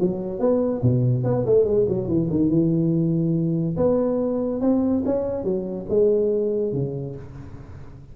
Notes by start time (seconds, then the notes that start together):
0.00 F#3
0.39 B3
0.82 B2
1.23 B3
1.45 A3
1.64 G#3
1.88 F#3
2.07 E3
2.30 D#3
2.49 E3
3.76 B3
4.61 C4
5.05 C#4
5.43 F#3
5.89 G#3
6.73 C#3